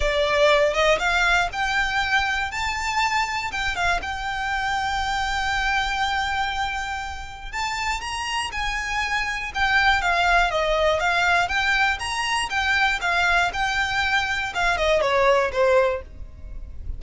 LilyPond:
\new Staff \with { instrumentName = "violin" } { \time 4/4 \tempo 4 = 120 d''4. dis''8 f''4 g''4~ | g''4 a''2 g''8 f''8 | g''1~ | g''2. a''4 |
ais''4 gis''2 g''4 | f''4 dis''4 f''4 g''4 | ais''4 g''4 f''4 g''4~ | g''4 f''8 dis''8 cis''4 c''4 | }